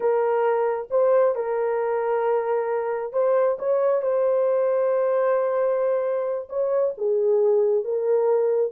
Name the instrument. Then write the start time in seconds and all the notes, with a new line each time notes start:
horn
0.00 A#4
0.90 C5
1.35 A#4
3.13 C5
3.58 C#5
4.02 C5
6.49 C#5
6.97 G#4
7.84 A#4